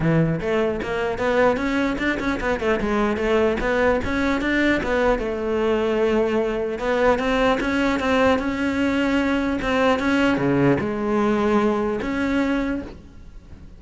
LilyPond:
\new Staff \with { instrumentName = "cello" } { \time 4/4 \tempo 4 = 150 e4 a4 ais4 b4 | cis'4 d'8 cis'8 b8 a8 gis4 | a4 b4 cis'4 d'4 | b4 a2.~ |
a4 b4 c'4 cis'4 | c'4 cis'2. | c'4 cis'4 cis4 gis4~ | gis2 cis'2 | }